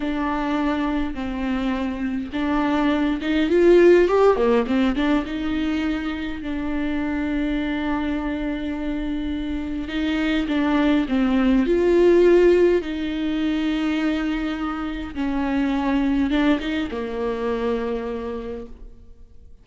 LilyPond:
\new Staff \with { instrumentName = "viola" } { \time 4/4 \tempo 4 = 103 d'2 c'2 | d'4. dis'8 f'4 g'8 ais8 | c'8 d'8 dis'2 d'4~ | d'1~ |
d'4 dis'4 d'4 c'4 | f'2 dis'2~ | dis'2 cis'2 | d'8 dis'8 ais2. | }